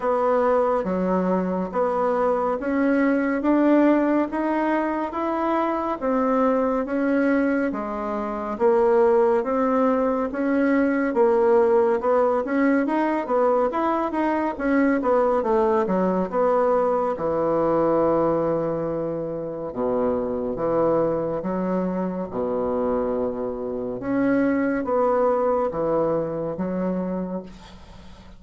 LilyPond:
\new Staff \with { instrumentName = "bassoon" } { \time 4/4 \tempo 4 = 70 b4 fis4 b4 cis'4 | d'4 dis'4 e'4 c'4 | cis'4 gis4 ais4 c'4 | cis'4 ais4 b8 cis'8 dis'8 b8 |
e'8 dis'8 cis'8 b8 a8 fis8 b4 | e2. b,4 | e4 fis4 b,2 | cis'4 b4 e4 fis4 | }